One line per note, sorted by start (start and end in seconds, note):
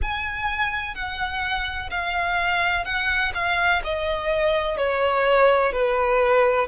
0.02 0.94 G#5
0.94 1.90 F#5
1.90 2.84 F5
2.84 3.32 F#5
3.34 3.82 F5
3.84 4.77 D#5
4.77 5.72 C#5
5.72 6.67 B4